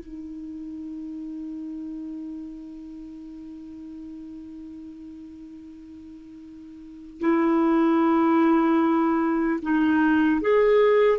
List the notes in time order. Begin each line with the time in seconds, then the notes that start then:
0.00 D#4
7.20 E4
9.62 D#4
10.41 G#4